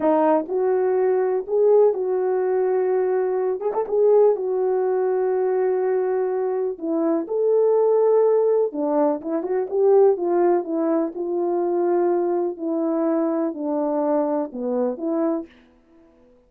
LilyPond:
\new Staff \with { instrumentName = "horn" } { \time 4/4 \tempo 4 = 124 dis'4 fis'2 gis'4 | fis'2.~ fis'8 gis'16 a'16 | gis'4 fis'2.~ | fis'2 e'4 a'4~ |
a'2 d'4 e'8 fis'8 | g'4 f'4 e'4 f'4~ | f'2 e'2 | d'2 b4 e'4 | }